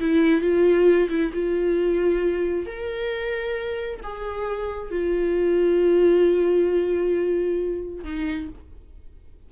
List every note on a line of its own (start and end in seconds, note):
0.00 0.41 E4
0.41 1.08 F4
1.09 1.32 E4
1.33 2.66 F4
2.66 4.00 A#4
4.03 4.91 G#4
4.91 8.04 F4
8.04 8.49 D#4